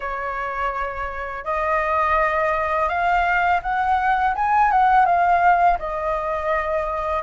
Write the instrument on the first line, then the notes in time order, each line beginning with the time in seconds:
flute
0.00 C#5
1.44 D#5
2.88 F5
3.62 F#5
4.35 G#5
4.71 F#5
5.05 F5
5.78 D#5